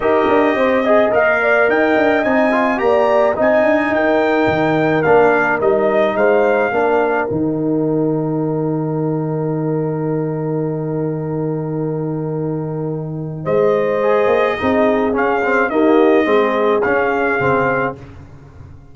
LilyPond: <<
  \new Staff \with { instrumentName = "trumpet" } { \time 4/4 \tempo 4 = 107 dis''2 f''4 g''4 | gis''4 ais''4 gis''4 g''4~ | g''4 f''4 dis''4 f''4~ | f''4 g''2.~ |
g''1~ | g''1 | dis''2. f''4 | dis''2 f''2 | }
  \new Staff \with { instrumentName = "horn" } { \time 4/4 ais'4 c''8 dis''4 d''8 dis''4~ | dis''4 d''4 dis''4 ais'4~ | ais'2. c''4 | ais'1~ |
ais'1~ | ais'1 | c''2 gis'2 | g'4 gis'2. | }
  \new Staff \with { instrumentName = "trombone" } { \time 4/4 g'4. gis'8 ais'2 | dis'8 f'8 g'4 dis'2~ | dis'4 d'4 dis'2 | d'4 dis'2.~ |
dis'1~ | dis'1~ | dis'4 gis'4 dis'4 cis'8 c'8 | ais4 c'4 cis'4 c'4 | }
  \new Staff \with { instrumentName = "tuba" } { \time 4/4 dis'8 d'8 c'4 ais4 dis'8 d'8 | c'4 ais4 c'8 d'8 dis'4 | dis4 ais4 g4 gis4 | ais4 dis2.~ |
dis1~ | dis1 | gis4. ais8 c'4 cis'4 | dis'4 gis4 cis'4 cis4 | }
>>